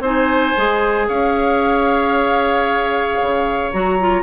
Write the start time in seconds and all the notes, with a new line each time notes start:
0.00 C4 D#4 C5 G#5
0.56 G#3 G#4
1.08 C#4 C#5 F5
3.21 C#3
3.72 F#3 F#4 A#5
4.00 F4